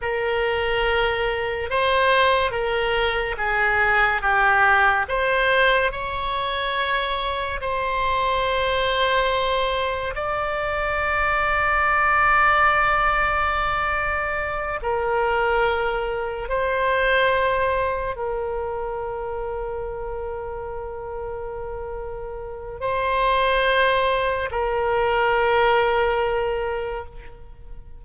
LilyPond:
\new Staff \with { instrumentName = "oboe" } { \time 4/4 \tempo 4 = 71 ais'2 c''4 ais'4 | gis'4 g'4 c''4 cis''4~ | cis''4 c''2. | d''1~ |
d''4. ais'2 c''8~ | c''4. ais'2~ ais'8~ | ais'2. c''4~ | c''4 ais'2. | }